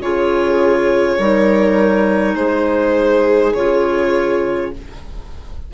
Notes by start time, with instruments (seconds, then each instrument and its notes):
0.00 bassoon C#3, clarinet F4, viola G#4, violin C#5
1.18 bassoon G3, clarinet D#4, viola A#4
2.35 bassoon G#3, viola G#4, violin C5
3.54 bassoon C#3, clarinet F4, violin C#5